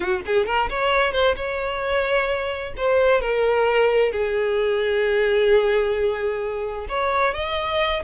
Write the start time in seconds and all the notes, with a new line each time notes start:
0.00 F#4
0.26 G#4
0.46 A#4
0.69 C#5
1.12 C5
1.36 C#5
2.76 C5
3.21 A#4
4.12 G#4
6.88 C#5
7.34 D#5